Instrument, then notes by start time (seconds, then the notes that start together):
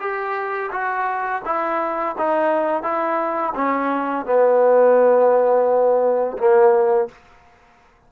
trombone
0.00 G4
0.72 F#4
1.45 E4
2.18 D#4
2.83 E4
3.55 C#4
4.26 B3
6.38 A#3